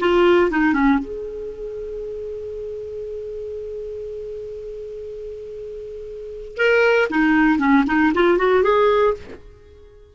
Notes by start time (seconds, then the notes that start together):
0.00 F4
0.51 D#4
0.73 C#4
0.99 G#4
6.57 A#4
7.10 D#4
7.59 C#4
7.87 D#4
8.14 F4
8.38 F#4
8.63 G#4